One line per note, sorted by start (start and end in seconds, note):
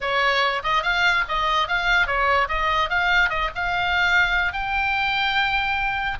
0.00 0.62 C#5
0.63 0.82 D#5
0.82 1.24 F5
1.28 1.68 D#5
1.68 2.06 F5
2.06 2.48 C#5
2.48 2.89 D#5
2.89 3.29 F5
3.29 3.50 D#5
3.55 4.52 F5
4.52 6.18 G5